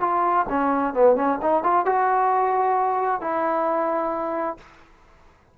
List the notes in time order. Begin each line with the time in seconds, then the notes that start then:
0.00 F4
0.49 C#4
0.93 B3
1.15 C#4
1.42 D#4
1.63 F4
1.85 F#4
3.21 E4